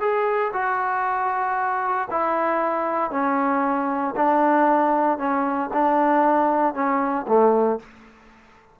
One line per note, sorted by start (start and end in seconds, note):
0.00 0.52 G#4
0.53 2.08 F#4
2.10 3.11 E4
3.11 4.14 C#4
4.15 5.18 D4
5.18 5.70 C#4
5.73 6.74 D4
6.74 7.26 C#4
7.27 7.79 A3